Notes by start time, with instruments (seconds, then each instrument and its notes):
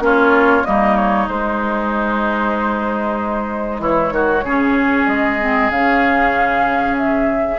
0.00 bassoon A#3, clarinet C#4, oboe F4
0.06 flute C#5
0.65 bassoon G3, clarinet A#3, oboe D#4, flute D#5
0.97 flute C#5
1.29 bassoon G#3, clarinet G#3, flute C5
3.80 bassoon E3, oboe E4, flute C#5
4.12 bassoon D#3, oboe F#4
4.44 bassoon C#3, clarinet C#4, oboe G#4
5.08 bassoon G#3, flute D#5
5.41 clarinet C4
5.71 bassoon C#3, clarinet C#4, flute F5
6.98 flute E5